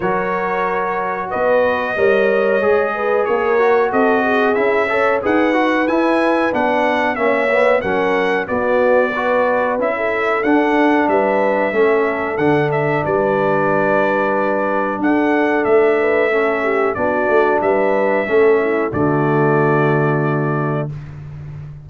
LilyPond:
<<
  \new Staff \with { instrumentName = "trumpet" } { \time 4/4 \tempo 4 = 92 cis''2 dis''2~ | dis''4 cis''4 dis''4 e''4 | fis''4 gis''4 fis''4 e''4 | fis''4 d''2 e''4 |
fis''4 e''2 fis''8 e''8 | d''2. fis''4 | e''2 d''4 e''4~ | e''4 d''2. | }
  \new Staff \with { instrumentName = "horn" } { \time 4/4 ais'2 b'4 cis''4~ | cis''8 b'8 ais'4 a'8 gis'4 cis''8 | b'2. cis''4 | ais'4 fis'4 b'4~ b'16 a'8.~ |
a'4 b'4 a'2 | b'2. a'4~ | a'8 b'8 a'8 g'8 fis'4 b'4 | a'8 e'8 fis'2. | }
  \new Staff \with { instrumentName = "trombone" } { \time 4/4 fis'2. ais'4 | gis'4. fis'4. e'8 a'8 | gis'8 fis'8 e'4 d'4 cis'8 b8 | cis'4 b4 fis'4 e'4 |
d'2 cis'4 d'4~ | d'1~ | d'4 cis'4 d'2 | cis'4 a2. | }
  \new Staff \with { instrumentName = "tuba" } { \time 4/4 fis2 b4 g4 | gis4 ais4 c'4 cis'4 | dis'4 e'4 b4 ais4 | fis4 b2 cis'4 |
d'4 g4 a4 d4 | g2. d'4 | a2 b8 a8 g4 | a4 d2. | }
>>